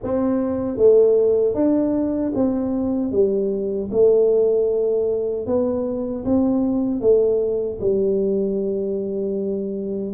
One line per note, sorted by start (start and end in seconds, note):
0.03 0.77 C4
0.77 1.54 A3
1.54 2.32 D4
2.34 3.11 C4
3.11 3.89 G3
3.91 5.46 A3
5.46 6.24 B3
6.24 7.01 C4
7.01 7.79 A3
7.81 10.13 G3